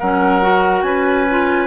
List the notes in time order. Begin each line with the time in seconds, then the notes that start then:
0.00 F#3 C#4 A#4 F#5
0.42 F#4
0.83 C#4 B4 G#5
1.31 F4